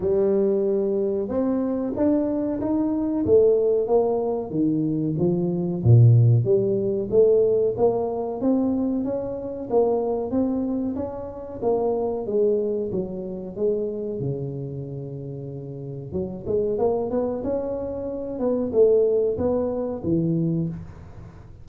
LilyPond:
\new Staff \with { instrumentName = "tuba" } { \time 4/4 \tempo 4 = 93 g2 c'4 d'4 | dis'4 a4 ais4 dis4 | f4 ais,4 g4 a4 | ais4 c'4 cis'4 ais4 |
c'4 cis'4 ais4 gis4 | fis4 gis4 cis2~ | cis4 fis8 gis8 ais8 b8 cis'4~ | cis'8 b8 a4 b4 e4 | }